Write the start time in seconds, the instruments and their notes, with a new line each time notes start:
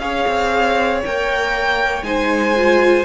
0.00 cello C#4, viola G#4, violin C#5 F5
0.28 cello C4
1.06 cello A#3, viola A#4, violin G5
2.03 cello G#3, viola D#4, violin C5 G#5
2.57 viola F4